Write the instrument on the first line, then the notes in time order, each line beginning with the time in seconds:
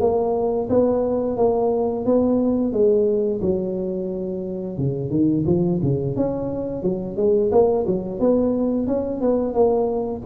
tuba
0.00 A#3
0.69 B3
1.37 A#3
2.05 B3
2.72 G#3
3.41 F#3
4.77 C#3
5.10 D#3
5.46 F3
5.82 C#3
6.16 C#4
6.82 F#3
7.16 G#3
7.52 A#3
7.86 F#3
8.19 B3
8.87 C#4
9.21 B3
9.53 A#3